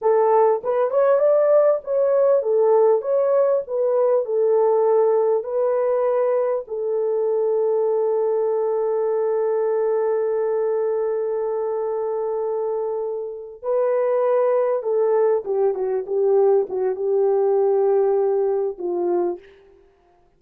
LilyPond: \new Staff \with { instrumentName = "horn" } { \time 4/4 \tempo 4 = 99 a'4 b'8 cis''8 d''4 cis''4 | a'4 cis''4 b'4 a'4~ | a'4 b'2 a'4~ | a'1~ |
a'1~ | a'2~ a'8 b'4.~ | b'8 a'4 g'8 fis'8 g'4 fis'8 | g'2. f'4 | }